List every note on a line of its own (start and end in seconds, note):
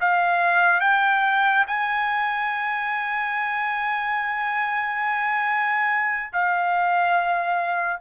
0.00 0.80 F5
0.80 1.64 G5
1.67 6.31 G#5
6.33 8.00 F5